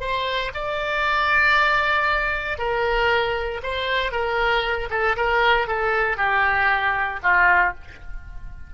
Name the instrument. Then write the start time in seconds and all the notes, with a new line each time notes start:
oboe
0.00 C5
0.54 D5
2.58 A#4
3.63 C5
4.11 A#4
4.90 A4
5.16 A#4
5.67 A4
6.17 G4
7.22 F4